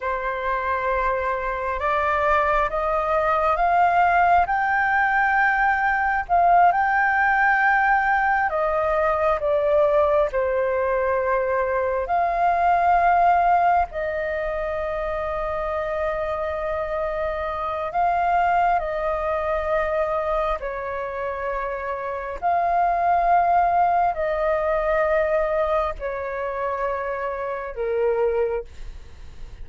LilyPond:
\new Staff \with { instrumentName = "flute" } { \time 4/4 \tempo 4 = 67 c''2 d''4 dis''4 | f''4 g''2 f''8 g''8~ | g''4. dis''4 d''4 c''8~ | c''4. f''2 dis''8~ |
dis''1 | f''4 dis''2 cis''4~ | cis''4 f''2 dis''4~ | dis''4 cis''2 ais'4 | }